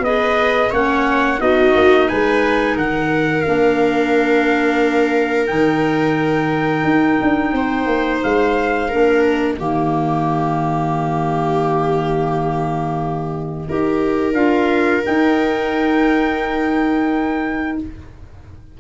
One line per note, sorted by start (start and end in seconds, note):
0.00 0.68 B3
0.00 0.73 G#4
0.00 0.72 D#5
0.06 0.70 B4
0.70 1.40 A#3
0.70 1.38 C#4
0.70 1.38 C#5
0.70 1.41 F#5
1.38 1.74 B3
1.38 3.43 D#4
1.38 2.09 F#4
1.38 2.09 D#5
1.75 2.09 A#3
2.09 2.77 G#3
2.09 2.75 B4
2.09 2.77 G#5
2.75 3.45 D#3
2.75 7.52 A#4
2.75 3.42 F#5
3.42 5.50 A#3
3.42 5.48 D4
3.42 5.46 F5
5.47 6.84 D#3
5.47 8.88 D#4
5.47 8.20 G5
6.84 7.18 D#4
7.22 7.52 D4
7.52 7.86 C4
7.52 8.89 C5
7.86 8.20 A#3
8.23 8.92 G#3
8.23 9.25 F5
8.89 9.58 A#3
8.89 9.58 D4
8.89 9.57 A#4
9.26 14.34 D#5
9.58 13.67 D#3
9.58 13.67 A#3
9.58 13.68 G4
13.68 14.33 D#4
13.68 14.34 G4
13.68 17.78 A#4
14.33 15.02 D4
14.33 15.03 F4
14.33 15.02 F5
15.03 17.76 D#4
15.03 17.80 D#4
15.03 17.78 G5